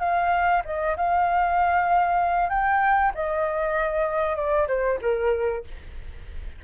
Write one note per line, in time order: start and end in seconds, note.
0.00 0.62 F5
0.65 0.97 D#5
0.97 2.50 F5
2.50 3.12 G5
3.15 4.36 D#5
4.36 4.68 D5
4.68 4.99 C5
5.02 5.64 A#4